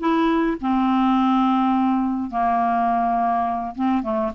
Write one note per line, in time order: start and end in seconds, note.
0.00 0.58 E4
0.61 2.31 C4
2.31 3.75 A#3
3.76 4.03 C4
4.03 4.32 A3